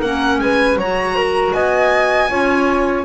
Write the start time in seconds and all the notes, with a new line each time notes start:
0.00 A#3 C#4 A#4 F#5
0.39 G#3 B4 G#5
0.76 F#3 F#4 C#5 A#5
1.16 A#4
1.53 B3 D#5 G#5
2.30 C#4 F4 C#5